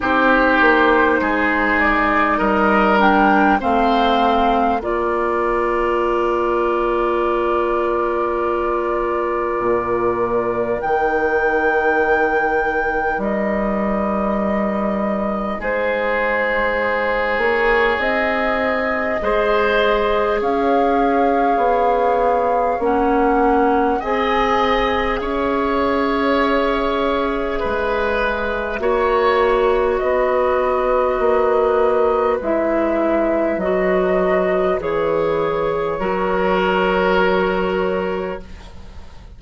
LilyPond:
<<
  \new Staff \with { instrumentName = "flute" } { \time 4/4 \tempo 4 = 50 c''4. d''8 dis''8 g''8 f''4 | d''1~ | d''4 g''2 dis''4~ | dis''4 c''4. cis''8 dis''4~ |
dis''4 f''2 fis''4 | gis''4 e''2.~ | e''4 dis''2 e''4 | dis''4 cis''2. | }
  \new Staff \with { instrumentName = "oboe" } { \time 4/4 g'4 gis'4 ais'4 c''4 | ais'1~ | ais'1~ | ais'4 gis'2. |
c''4 cis''2. | dis''4 cis''2 b'4 | cis''4 b'2.~ | b'2 ais'2 | }
  \new Staff \with { instrumentName = "clarinet" } { \time 4/4 dis'2~ dis'8 d'8 c'4 | f'1~ | f'4 dis'2.~ | dis'1 |
gis'2. cis'4 | gis'1 | fis'2. e'4 | fis'4 gis'4 fis'2 | }
  \new Staff \with { instrumentName = "bassoon" } { \time 4/4 c'8 ais8 gis4 g4 a4 | ais1 | ais,4 dis2 g4~ | g4 gis4. ais8 c'4 |
gis4 cis'4 b4 ais4 | c'4 cis'2 gis4 | ais4 b4 ais4 gis4 | fis4 e4 fis2 | }
>>